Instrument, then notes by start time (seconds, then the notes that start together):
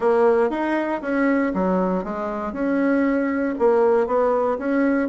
bassoon
0.00 A#3
0.50 D#4
1.01 C#4
1.53 F#3
2.03 G#3
2.53 C#4
3.58 A#3
4.07 B3
4.58 C#4